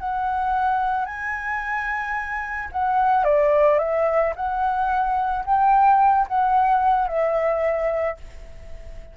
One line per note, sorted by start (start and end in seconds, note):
0.00 1.06 F#5
1.06 2.69 G#5
2.72 3.25 F#5
3.25 3.79 D5
3.79 4.34 E5
4.36 5.45 F#5
5.45 6.27 G5
6.28 7.08 F#5
7.08 8.17 E5